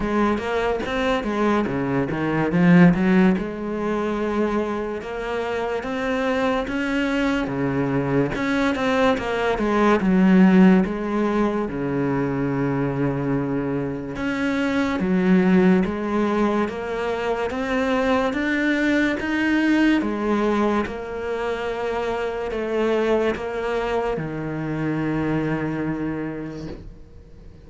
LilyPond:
\new Staff \with { instrumentName = "cello" } { \time 4/4 \tempo 4 = 72 gis8 ais8 c'8 gis8 cis8 dis8 f8 fis8 | gis2 ais4 c'4 | cis'4 cis4 cis'8 c'8 ais8 gis8 | fis4 gis4 cis2~ |
cis4 cis'4 fis4 gis4 | ais4 c'4 d'4 dis'4 | gis4 ais2 a4 | ais4 dis2. | }